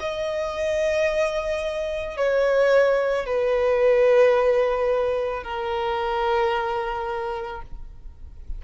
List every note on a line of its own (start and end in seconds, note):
0.00 2.17 D#5
2.17 3.26 C#5
3.26 5.44 B4
5.44 7.62 A#4